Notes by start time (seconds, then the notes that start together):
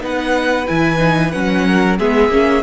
0.00 B3 D#4 B4 F#5
0.67 E3 E4 G#5
0.98 D#4
1.31 F#3 C#4 F#5
1.67 A#4
1.99 G#3 B3 G#4 E5
2.28 A#3 C#4